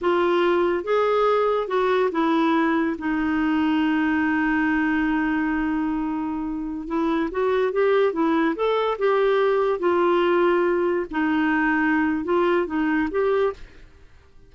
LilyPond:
\new Staff \with { instrumentName = "clarinet" } { \time 4/4 \tempo 4 = 142 f'2 gis'2 | fis'4 e'2 dis'4~ | dis'1~ | dis'1~ |
dis'16 e'4 fis'4 g'4 e'8.~ | e'16 a'4 g'2 f'8.~ | f'2~ f'16 dis'4.~ dis'16~ | dis'4 f'4 dis'4 g'4 | }